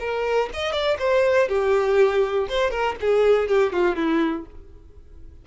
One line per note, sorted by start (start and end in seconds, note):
0.00 0.50 A#4
0.53 0.72 D#5
0.72 0.97 D5
0.99 1.49 C5
1.49 2.48 G4
2.49 2.71 C5
2.71 2.95 A#4
3.01 3.48 G#4
3.48 3.73 G4
3.73 3.96 F4
3.96 4.46 E4